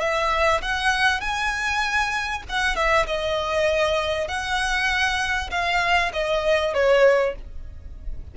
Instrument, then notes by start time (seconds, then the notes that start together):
violin
0.00 E5
0.62 F#5
1.21 G#5
2.49 F#5
2.76 E5
3.06 D#5
4.27 F#5
5.50 F5
6.13 D#5
6.73 C#5